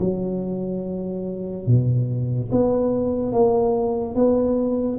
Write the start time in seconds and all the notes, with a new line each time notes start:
0.00 F#3
1.67 B2
2.52 B3
3.32 A#3
4.15 B3